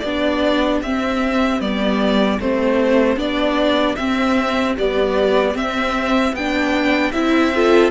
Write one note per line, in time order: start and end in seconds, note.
0.00 0.82 B3
0.00 0.85 D4
0.00 7.53 G4
0.00 0.79 D5
0.82 1.61 C4
0.82 1.62 C4
0.82 1.61 E5
1.61 2.40 G3
1.61 2.40 B3
1.61 2.40 D5
2.40 3.17 A3
2.40 3.17 C4
2.40 3.19 C5
3.17 3.96 B3
3.17 3.96 D4
3.17 3.96 D5
3.96 4.77 C4
3.96 4.78 C4
3.96 4.75 E5
4.78 5.54 G3
4.78 5.56 B3
4.78 5.57 D5
5.54 6.33 C4
5.54 6.36 E5
6.33 7.12 B3
6.33 7.13 D4
6.33 7.12 G5
7.12 7.92 C4
7.12 7.53 E4
7.12 7.91 E5
7.55 7.92 F4
7.55 7.92 A4